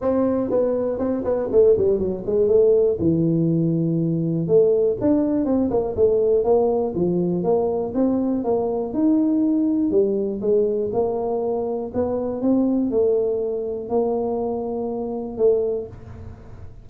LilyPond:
\new Staff \with { instrumentName = "tuba" } { \time 4/4 \tempo 4 = 121 c'4 b4 c'8 b8 a8 g8 | fis8 gis8 a4 e2~ | e4 a4 d'4 c'8 ais8 | a4 ais4 f4 ais4 |
c'4 ais4 dis'2 | g4 gis4 ais2 | b4 c'4 a2 | ais2. a4 | }